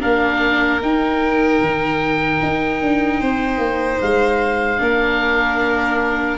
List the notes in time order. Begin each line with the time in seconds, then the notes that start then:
0.00 A#3 D4 A#4 F5
0.81 D#4 G5
1.61 D#3
2.42 D#4
2.81 D4
3.20 C4 C5
3.58 A#3
4.02 G#3 F5
4.77 A#3 D4 A#4